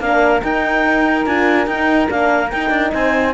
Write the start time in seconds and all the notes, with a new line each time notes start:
0.00 A#3 D4 A#4 F5
0.41 D#4 G5
1.26 D4 F4 G#5
1.67 D#4 G5
2.08 A#3 D4 F5
2.50 D#4 G5
2.70 D4
2.93 C4 C5 G#5